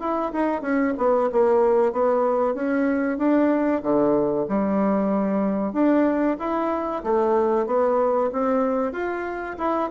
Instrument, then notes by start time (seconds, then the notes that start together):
bassoon
0.00 E4
0.32 D#4
0.62 C#4
0.97 B3
1.32 A#3
1.92 B3
2.54 C#4
3.18 D4
3.83 D3
4.48 G3
5.73 D4
6.39 E4
7.04 A3
7.67 B3
8.32 C4
8.92 F4
9.58 E4